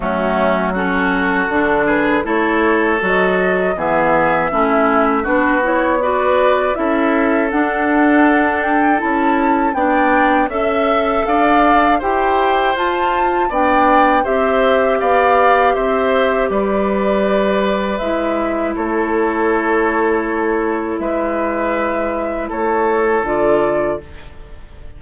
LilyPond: <<
  \new Staff \with { instrumentName = "flute" } { \time 4/4 \tempo 4 = 80 fis'4 a'4. b'8 cis''4 | dis''4 e''2 b'8 cis''8 | d''4 e''4 fis''4. g''8 | a''4 g''4 e''4 f''4 |
g''4 a''4 g''4 e''4 | f''4 e''4 d''2 | e''4 cis''2. | e''2 cis''4 d''4 | }
  \new Staff \with { instrumentName = "oboe" } { \time 4/4 cis'4 fis'4. gis'8 a'4~ | a'4 gis'4 e'4 fis'4 | b'4 a'2.~ | a'4 d''4 e''4 d''4 |
c''2 d''4 c''4 | d''4 c''4 b'2~ | b'4 a'2. | b'2 a'2 | }
  \new Staff \with { instrumentName = "clarinet" } { \time 4/4 a4 cis'4 d'4 e'4 | fis'4 b4 cis'4 d'8 e'8 | fis'4 e'4 d'2 | e'4 d'4 a'2 |
g'4 f'4 d'4 g'4~ | g'1 | e'1~ | e'2. f'4 | }
  \new Staff \with { instrumentName = "bassoon" } { \time 4/4 fis2 d4 a4 | fis4 e4 a4 b4~ | b4 cis'4 d'2 | cis'4 b4 cis'4 d'4 |
e'4 f'4 b4 c'4 | b4 c'4 g2 | gis4 a2. | gis2 a4 d4 | }
>>